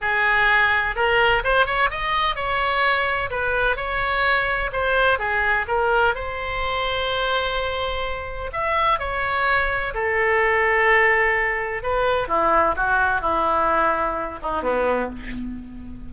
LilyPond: \new Staff \with { instrumentName = "oboe" } { \time 4/4 \tempo 4 = 127 gis'2 ais'4 c''8 cis''8 | dis''4 cis''2 b'4 | cis''2 c''4 gis'4 | ais'4 c''2.~ |
c''2 e''4 cis''4~ | cis''4 a'2.~ | a'4 b'4 e'4 fis'4 | e'2~ e'8 dis'8 b4 | }